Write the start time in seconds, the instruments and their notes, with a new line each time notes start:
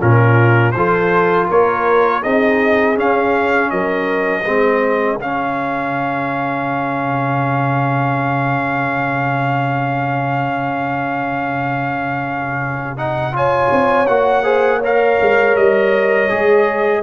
0.00 tuba A#2, trombone C#4, horn F4, trumpet A#4
0.72 tuba F3, trombone F4, horn A4, trumpet C5
1.48 tuba A#3, horn A#4, trumpet C#5
2.23 tuba C4, trombone D#4, horn G#4, trumpet D#5
2.96 trombone C#4, tuba C#4, trumpet F5
3.70 tuba F#3, horn A#4, trumpet D#5
4.43 tuba G#3, trombone C4, horn G#4
5.17 tuba C#3, trombone C#4, trumpet F5
12.97 trombone D#4, trumpet F#5
13.32 trombone F4, horn C#5, trumpet G#5
13.71 tuba C4
14.07 tuba A#3, trombone F#4, trumpet F#5
14.43 trombone G#4, horn C5
14.78 trombone A#4, horn C#5
14.85 trumpet F5
15.20 tuba G#3
15.56 tuba G3, trumpet D#5
16.29 tuba G#3, trombone G#4